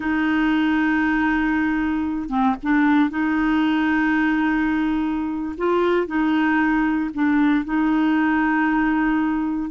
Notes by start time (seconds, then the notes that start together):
0.00 D#4
2.29 C4
2.62 D4
3.10 D#4
5.57 F4
6.07 D#4
7.14 D4
7.65 D#4